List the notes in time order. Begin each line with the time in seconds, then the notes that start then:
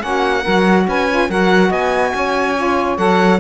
0.00 A#3 C#4 F#4 F#5
0.42 F#3 F#4 A#4
0.88 C#4 B4 G#5
1.09 F4
1.29 F#3 F#4 A#4 F#5
1.69 B3 D#5 G#5
2.14 C#4 C#5
2.56 F4
2.97 F#3 A4 F#5